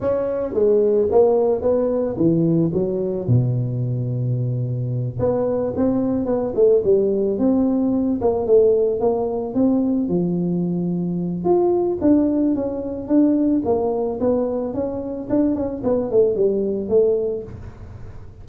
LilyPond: \new Staff \with { instrumentName = "tuba" } { \time 4/4 \tempo 4 = 110 cis'4 gis4 ais4 b4 | e4 fis4 b,2~ | b,4. b4 c'4 b8 | a8 g4 c'4. ais8 a8~ |
a8 ais4 c'4 f4.~ | f4 f'4 d'4 cis'4 | d'4 ais4 b4 cis'4 | d'8 cis'8 b8 a8 g4 a4 | }